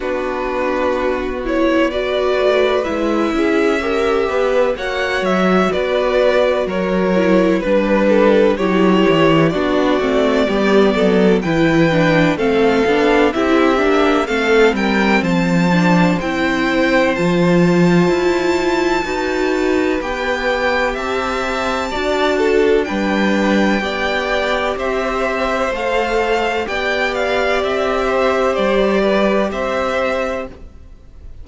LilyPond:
<<
  \new Staff \with { instrumentName = "violin" } { \time 4/4 \tempo 4 = 63 b'4. cis''8 d''4 e''4~ | e''4 fis''8 e''8 d''4 cis''4 | b'4 cis''4 d''2 | g''4 f''4 e''4 f''8 g''8 |
a''4 g''4 a''2~ | a''4 g''4 a''2 | g''2 e''4 f''4 | g''8 f''8 e''4 d''4 e''4 | }
  \new Staff \with { instrumentName = "violin" } { \time 4/4 fis'2 b'4. gis'8 | ais'8 b'8 cis''4 b'4 ais'4 | b'8 a'8 g'4 fis'4 g'8 a'8 | b'4 a'4 g'4 a'8 ais'8 |
c''1 | b'2 e''4 d''8 a'8 | b'4 d''4 c''2 | d''4. c''4 b'8 c''4 | }
  \new Staff \with { instrumentName = "viola" } { \time 4/4 d'4. e'8 fis'4 e'4 | g'4 fis'2~ fis'8 e'8 | d'4 e'4 d'8 c'8 b4 | e'8 d'8 c'8 d'8 e'8 d'8 c'4~ |
c'8 d'8 e'4 f'2 | fis'4 g'2 fis'4 | d'4 g'2 a'4 | g'1 | }
  \new Staff \with { instrumentName = "cello" } { \time 4/4 b2~ b8 a8 gis8 cis'8~ | cis'8 b8 ais8 fis8 b4 fis4 | g4 fis8 e8 b8 a8 g8 fis8 | e4 a8 b8 c'8 ais8 a8 g8 |
f4 c'4 f4 e'4 | dis'4 b4 c'4 d'4 | g4 b4 c'4 a4 | b4 c'4 g4 c'4 | }
>>